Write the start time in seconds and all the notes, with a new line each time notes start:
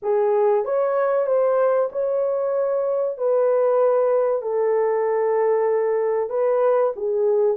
0.02 G#4
0.64 C#5
1.26 C5
1.91 C#5
3.18 B4
4.42 A4
6.29 B4
6.96 G#4